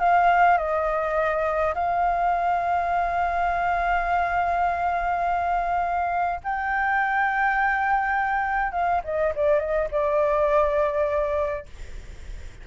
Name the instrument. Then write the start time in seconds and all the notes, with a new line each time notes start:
flute
0.00 F5
0.58 D#5
1.75 F5
6.44 G5
8.72 F5
9.05 D#5
9.36 D5
9.60 D#5
9.92 D5